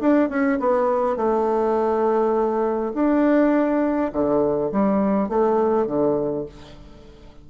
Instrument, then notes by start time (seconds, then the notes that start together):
bassoon
0.00 D4
0.29 C#4
0.59 B3
1.16 A3
2.94 D4
4.12 D3
4.71 G3
5.28 A3
5.86 D3